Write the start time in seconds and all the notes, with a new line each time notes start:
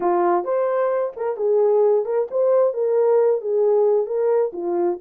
0.00 F4
0.44 C5
1.16 A#4
1.36 G#4
2.05 A#4
2.30 C5
2.73 A#4
3.41 G#4
4.06 A#4
4.52 F4